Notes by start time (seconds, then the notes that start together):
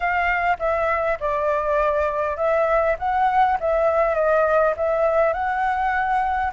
0.00 F5
0.59 E5
1.20 D5
2.36 E5
2.98 F#5
3.60 E5
4.14 D#5
4.77 E5
5.33 F#5